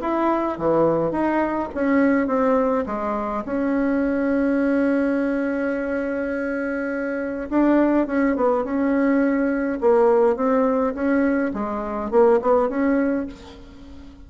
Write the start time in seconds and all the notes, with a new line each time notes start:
0.00 E4
0.58 E3
1.11 D#4
1.74 C#4
2.27 C4
2.86 G#3
3.45 C#4
7.49 D4
8.07 C#4
8.36 B3
8.64 C#4
9.81 A#3
10.36 C4
10.94 C#4
11.53 G#3
12.10 A#3
12.41 B3
12.69 C#4